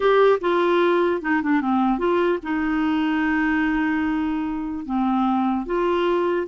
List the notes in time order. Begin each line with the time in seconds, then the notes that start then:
0.00 G4
0.40 F4
1.21 D#4
1.42 D4
1.61 C4
1.98 F4
2.42 D#4
4.85 C4
5.66 F4